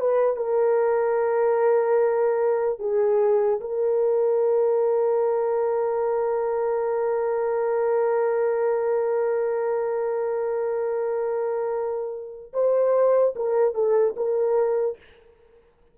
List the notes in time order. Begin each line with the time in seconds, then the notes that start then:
0.00 B4
0.36 A#4
2.79 G#4
3.60 A#4
12.53 C5
13.36 A#4
13.74 A4
14.17 A#4